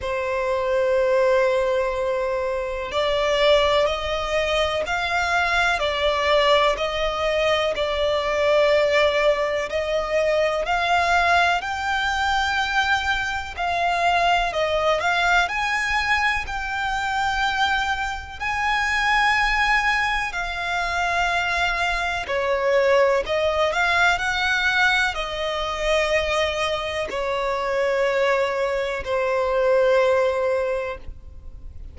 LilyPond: \new Staff \with { instrumentName = "violin" } { \time 4/4 \tempo 4 = 62 c''2. d''4 | dis''4 f''4 d''4 dis''4 | d''2 dis''4 f''4 | g''2 f''4 dis''8 f''8 |
gis''4 g''2 gis''4~ | gis''4 f''2 cis''4 | dis''8 f''8 fis''4 dis''2 | cis''2 c''2 | }